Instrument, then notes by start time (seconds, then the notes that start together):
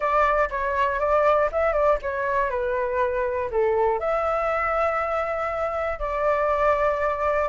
flute
0.00 D5
0.50 C#5
0.99 D5
1.51 E5
1.72 D5
2.01 C#5
2.50 B4
3.50 A4
3.99 E5
5.99 D5